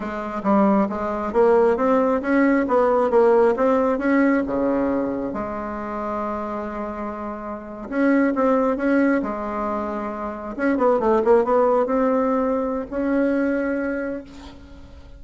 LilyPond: \new Staff \with { instrumentName = "bassoon" } { \time 4/4 \tempo 4 = 135 gis4 g4 gis4 ais4 | c'4 cis'4 b4 ais4 | c'4 cis'4 cis2 | gis1~ |
gis4.~ gis16 cis'4 c'4 cis'16~ | cis'8. gis2. cis'16~ | cis'16 b8 a8 ais8 b4 c'4~ c'16~ | c'4 cis'2. | }